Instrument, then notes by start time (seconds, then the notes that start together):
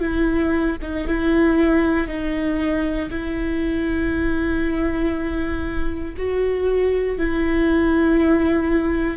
viola
0.00 E4
0.82 D#4
1.07 E4
2.08 D#4
3.10 E4
6.17 F#4
7.18 E4